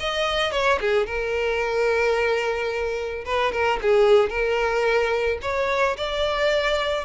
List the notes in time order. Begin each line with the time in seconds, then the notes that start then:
0.00 D#5
0.52 C#5
0.81 G#4
1.07 A#4
3.26 B4
3.53 A#4
3.82 G#4
4.30 A#4
5.42 C#5
5.98 D5